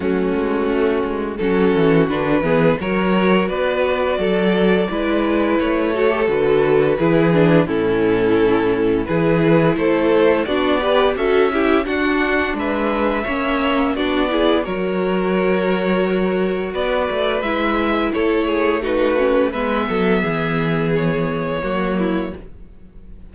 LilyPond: <<
  \new Staff \with { instrumentName = "violin" } { \time 4/4 \tempo 4 = 86 fis'2 a'4 b'4 | cis''4 d''2. | cis''4 b'2 a'4~ | a'4 b'4 c''4 d''4 |
e''4 fis''4 e''2 | d''4 cis''2. | d''4 e''4 cis''4 b'4 | e''2 cis''2 | }
  \new Staff \with { instrumentName = "violin" } { \time 4/4 cis'2 fis'4. gis'8 | ais'4 b'4 a'4 b'4~ | b'8 a'4. gis'4 e'4~ | e'4 gis'4 a'4 fis'8 b'8 |
a'8 g'8 fis'4 b'4 cis''4 | fis'8 gis'8 ais'2. | b'2 a'8 gis'8 fis'4 | b'8 a'8 gis'2 fis'8 e'8 | }
  \new Staff \with { instrumentName = "viola" } { \time 4/4 a2 cis'4 d'8 b8 | fis'2. e'4~ | e'8 fis'16 g'16 fis'4 e'8 d'8 cis'4~ | cis'4 e'2 d'8 g'8 |
fis'8 e'8 d'2 cis'4 | d'8 e'8 fis'2.~ | fis'4 e'2 dis'8 cis'8 | b2. ais4 | }
  \new Staff \with { instrumentName = "cello" } { \time 4/4 fis8 gis8 a8 gis8 fis8 e8 d8 e8 | fis4 b4 fis4 gis4 | a4 d4 e4 a,4~ | a,4 e4 a4 b4 |
cis'4 d'4 gis4 ais4 | b4 fis2. | b8 a8 gis4 a2 | gis8 fis8 e2 fis4 | }
>>